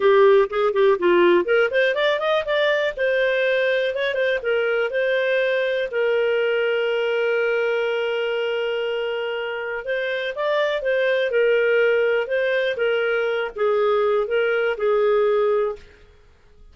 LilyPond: \new Staff \with { instrumentName = "clarinet" } { \time 4/4 \tempo 4 = 122 g'4 gis'8 g'8 f'4 ais'8 c''8 | d''8 dis''8 d''4 c''2 | cis''8 c''8 ais'4 c''2 | ais'1~ |
ais'1 | c''4 d''4 c''4 ais'4~ | ais'4 c''4 ais'4. gis'8~ | gis'4 ais'4 gis'2 | }